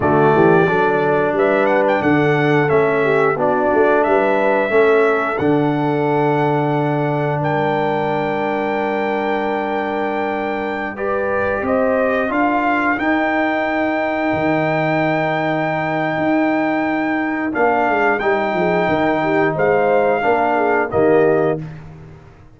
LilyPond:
<<
  \new Staff \with { instrumentName = "trumpet" } { \time 4/4 \tempo 4 = 89 d''2 e''8 fis''16 g''16 fis''4 | e''4 d''4 e''2 | fis''2. g''4~ | g''1~ |
g''16 d''4 dis''4 f''4 g''8.~ | g''1~ | g''2 f''4 g''4~ | g''4 f''2 dis''4 | }
  \new Staff \with { instrumentName = "horn" } { \time 4/4 fis'8 g'8 a'4 b'4 a'4~ | a'8 g'8 fis'4 b'4 a'4~ | a'2. ais'4~ | ais'1~ |
ais'16 b'4 c''4 ais'4.~ ais'16~ | ais'1~ | ais'2.~ ais'8 gis'8 | ais'8 g'8 c''4 ais'8 gis'8 g'4 | }
  \new Staff \with { instrumentName = "trombone" } { \time 4/4 a4 d'2. | cis'4 d'2 cis'4 | d'1~ | d'1~ |
d'16 g'2 f'4 dis'8.~ | dis'1~ | dis'2 d'4 dis'4~ | dis'2 d'4 ais4 | }
  \new Staff \with { instrumentName = "tuba" } { \time 4/4 d8 e8 fis4 g4 d4 | a4 b8 a8 g4 a4 | d2. g4~ | g1~ |
g4~ g16 c'4 d'4 dis'8.~ | dis'4~ dis'16 dis2~ dis8. | dis'2 ais8 gis8 g8 f8 | dis4 gis4 ais4 dis4 | }
>>